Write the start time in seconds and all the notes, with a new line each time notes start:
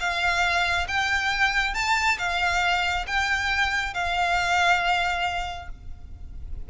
0.00 F5
0.88 G5
1.75 A5
2.19 F5
3.07 G5
3.94 F5